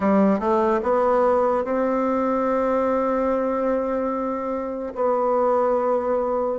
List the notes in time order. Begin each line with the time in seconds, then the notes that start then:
0.00 G3
0.39 A3
0.83 B3
1.64 C4
4.94 B3